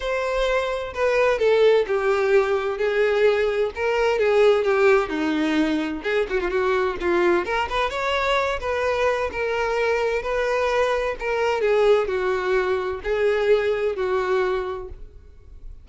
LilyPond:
\new Staff \with { instrumentName = "violin" } { \time 4/4 \tempo 4 = 129 c''2 b'4 a'4 | g'2 gis'2 | ais'4 gis'4 g'4 dis'4~ | dis'4 gis'8 fis'16 f'16 fis'4 f'4 |
ais'8 b'8 cis''4. b'4. | ais'2 b'2 | ais'4 gis'4 fis'2 | gis'2 fis'2 | }